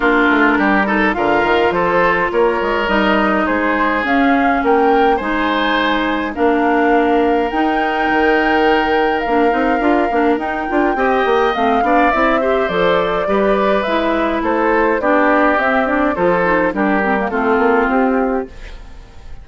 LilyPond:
<<
  \new Staff \with { instrumentName = "flute" } { \time 4/4 \tempo 4 = 104 ais'2 f''4 c''4 | cis''4 dis''4 c''4 f''4 | g''4 gis''2 f''4~ | f''4 g''2. |
f''2 g''2 | f''4 e''4 d''2 | e''4 c''4 d''4 e''8 d''8 | c''4 ais'4 a'4 g'4 | }
  \new Staff \with { instrumentName = "oboe" } { \time 4/4 f'4 g'8 a'8 ais'4 a'4 | ais'2 gis'2 | ais'4 c''2 ais'4~ | ais'1~ |
ais'2. dis''4~ | dis''8 d''4 c''4. b'4~ | b'4 a'4 g'2 | a'4 g'4 f'2 | }
  \new Staff \with { instrumentName = "clarinet" } { \time 4/4 d'4. dis'8 f'2~ | f'4 dis'2 cis'4~ | cis'4 dis'2 d'4~ | d'4 dis'2. |
d'8 dis'8 f'8 d'8 dis'8 f'8 g'4 | c'8 d'8 e'8 g'8 a'4 g'4 | e'2 d'4 c'8 d'8 | f'8 dis'8 d'8 c'16 ais16 c'2 | }
  \new Staff \with { instrumentName = "bassoon" } { \time 4/4 ais8 a8 g4 d8 dis8 f4 | ais8 gis8 g4 gis4 cis'4 | ais4 gis2 ais4~ | ais4 dis'4 dis2 |
ais8 c'8 d'8 ais8 dis'8 d'8 c'8 ais8 | a8 b8 c'4 f4 g4 | gis4 a4 b4 c'4 | f4 g4 a8 ais8 c'4 | }
>>